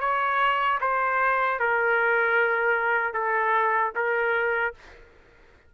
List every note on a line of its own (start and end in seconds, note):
0.00 0.79 C#5
0.81 1.59 C5
1.59 3.14 A#4
3.14 3.93 A4
3.95 4.74 A#4